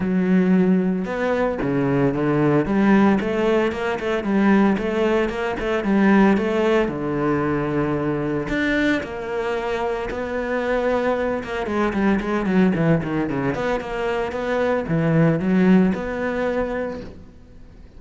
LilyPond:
\new Staff \with { instrumentName = "cello" } { \time 4/4 \tempo 4 = 113 fis2 b4 cis4 | d4 g4 a4 ais8 a8 | g4 a4 ais8 a8 g4 | a4 d2. |
d'4 ais2 b4~ | b4. ais8 gis8 g8 gis8 fis8 | e8 dis8 cis8 b8 ais4 b4 | e4 fis4 b2 | }